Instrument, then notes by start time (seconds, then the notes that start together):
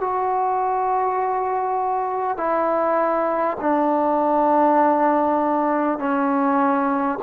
trombone
0.00 F#4
2.37 E4
3.60 D4
5.98 C#4